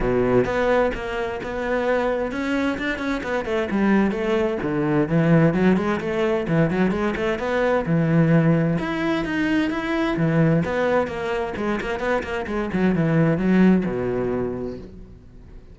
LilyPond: \new Staff \with { instrumentName = "cello" } { \time 4/4 \tempo 4 = 130 b,4 b4 ais4 b4~ | b4 cis'4 d'8 cis'8 b8 a8 | g4 a4 d4 e4 | fis8 gis8 a4 e8 fis8 gis8 a8 |
b4 e2 e'4 | dis'4 e'4 e4 b4 | ais4 gis8 ais8 b8 ais8 gis8 fis8 | e4 fis4 b,2 | }